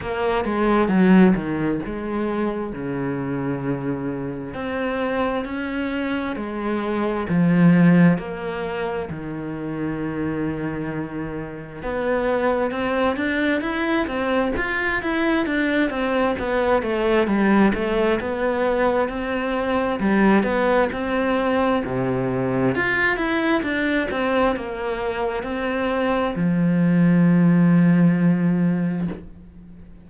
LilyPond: \new Staff \with { instrumentName = "cello" } { \time 4/4 \tempo 4 = 66 ais8 gis8 fis8 dis8 gis4 cis4~ | cis4 c'4 cis'4 gis4 | f4 ais4 dis2~ | dis4 b4 c'8 d'8 e'8 c'8 |
f'8 e'8 d'8 c'8 b8 a8 g8 a8 | b4 c'4 g8 b8 c'4 | c4 f'8 e'8 d'8 c'8 ais4 | c'4 f2. | }